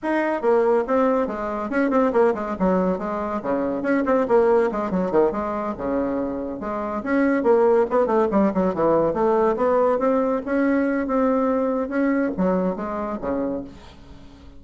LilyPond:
\new Staff \with { instrumentName = "bassoon" } { \time 4/4 \tempo 4 = 141 dis'4 ais4 c'4 gis4 | cis'8 c'8 ais8 gis8 fis4 gis4 | cis4 cis'8 c'8 ais4 gis8 fis8 | dis8 gis4 cis2 gis8~ |
gis8 cis'4 ais4 b8 a8 g8 | fis8 e4 a4 b4 c'8~ | c'8 cis'4. c'2 | cis'4 fis4 gis4 cis4 | }